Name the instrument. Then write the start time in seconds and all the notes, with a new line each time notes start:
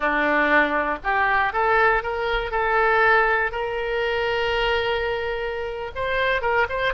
oboe
0.00 D4
1.03 G4
1.52 A4
2.02 A#4
2.51 A4
3.51 A#4
5.95 C5
6.41 A#4
6.69 C5